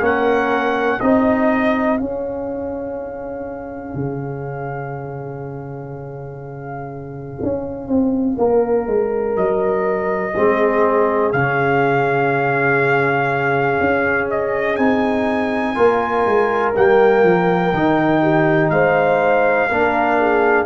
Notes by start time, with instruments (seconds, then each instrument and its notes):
0.00 tuba A#3, trombone C#4, horn A#4, trumpet F#5
1.00 tuba C4, trombone D#4, horn G#4, trumpet D#5
1.98 trombone C#4, tuba C#4, trumpet F5
3.95 tuba C#3
7.42 tuba C#4
7.88 tuba C4
8.37 tuba A#3, horn A#4
8.87 tuba G#3
9.36 tuba F#3, trumpet D#5
10.35 tuba G#3, trombone C4, horn G#4
11.33 tuba C#3, trombone C#4, trumpet F5
13.80 tuba C#4
14.30 trumpet D#5
14.76 tuba C4, trombone D#4, trumpet G#5
15.75 tuba A#3, trombone F4, horn A#4
16.26 tuba G#3
16.76 tuba G3, trombone A#3, trumpet G5
17.23 tuba F3
17.73 tuba D#3, trombone D#4
18.22 horn G4
18.70 tuba G#3, horn C5, trumpet F5
19.69 tuba A#3, trombone D4, horn A#4
20.20 horn G#4